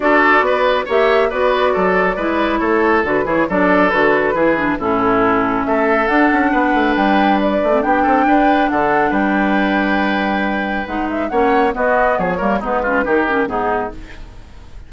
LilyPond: <<
  \new Staff \with { instrumentName = "flute" } { \time 4/4 \tempo 4 = 138 d''2 e''4 d''4~ | d''2 cis''4 b'8 cis''8 | d''4 b'2 a'4~ | a'4 e''4 fis''2 |
g''4 d''4 g''2 | fis''4 g''2.~ | g''4 fis''8 e''8 fis''4 dis''4 | cis''4 b'4 ais'4 gis'4 | }
  \new Staff \with { instrumentName = "oboe" } { \time 4/4 a'4 b'4 cis''4 b'4 | a'4 b'4 a'4. gis'8 | a'2 gis'4 e'4~ | e'4 a'2 b'4~ |
b'2 g'8 a'8 b'4 | a'4 b'2.~ | b'2 cis''4 fis'4 | gis'8 ais'8 dis'8 f'8 g'4 dis'4 | }
  \new Staff \with { instrumentName = "clarinet" } { \time 4/4 fis'2 g'4 fis'4~ | fis'4 e'2 fis'8 e'8 | d'4 fis'4 e'8 d'8 cis'4~ | cis'2 d'2~ |
d'4.~ d'16 c'16 d'2~ | d'1~ | d'4 dis'4 cis'4 b4~ | b8 ais8 b8 cis'8 dis'8 cis'8 b4 | }
  \new Staff \with { instrumentName = "bassoon" } { \time 4/4 d'4 b4 ais4 b4 | fis4 gis4 a4 d8 e8 | fis4 d4 e4 a,4~ | a,4 a4 d'8 cis'8 b8 a8 |
g4. a8 b8 c'8 d'4 | d4 g2.~ | g4 gis4 ais4 b4 | f8 g8 gis4 dis4 gis,4 | }
>>